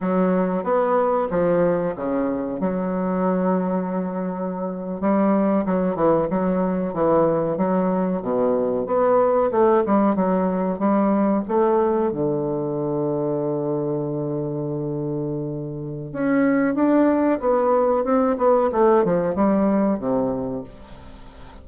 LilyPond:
\new Staff \with { instrumentName = "bassoon" } { \time 4/4 \tempo 4 = 93 fis4 b4 f4 cis4 | fis2.~ fis8. g16~ | g8. fis8 e8 fis4 e4 fis16~ | fis8. b,4 b4 a8 g8 fis16~ |
fis8. g4 a4 d4~ d16~ | d1~ | d4 cis'4 d'4 b4 | c'8 b8 a8 f8 g4 c4 | }